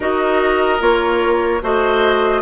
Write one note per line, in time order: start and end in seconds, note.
0.00 0.80 D#4
0.00 0.79 F#4
0.00 1.62 A#4
0.00 0.81 D#5
0.79 1.61 A#3
0.79 1.60 F4
0.79 1.62 C#5
1.61 2.42 A3
1.61 2.42 F#4
1.61 2.42 C5
1.61 2.42 D#5